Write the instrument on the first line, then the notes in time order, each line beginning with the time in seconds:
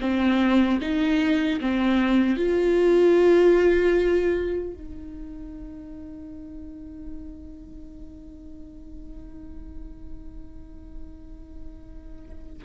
viola
0.00 C4
0.81 D#4
1.60 C4
2.36 F4
4.73 D#4